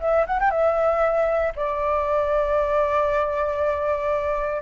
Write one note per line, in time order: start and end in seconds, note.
0.00 0.26 E5
0.26 0.39 F#5
0.40 0.50 G5
0.50 1.53 E5
1.55 4.62 D5